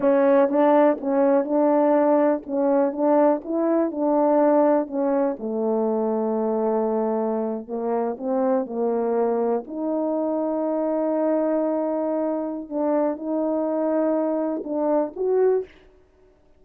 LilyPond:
\new Staff \with { instrumentName = "horn" } { \time 4/4 \tempo 4 = 123 cis'4 d'4 cis'4 d'4~ | d'4 cis'4 d'4 e'4 | d'2 cis'4 a4~ | a2.~ a8. ais16~ |
ais8. c'4 ais2 dis'16~ | dis'1~ | dis'2 d'4 dis'4~ | dis'2 d'4 fis'4 | }